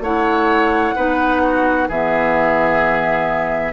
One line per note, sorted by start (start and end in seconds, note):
0.00 0.92 A3
0.00 0.96 E4
0.00 0.94 C#5
0.00 1.88 F#5
0.95 1.89 B3
0.95 1.88 D#4
0.95 1.41 B4
1.42 1.88 F#4
1.88 3.72 E3
1.88 3.72 B3
1.88 3.72 G#4
1.88 3.72 E5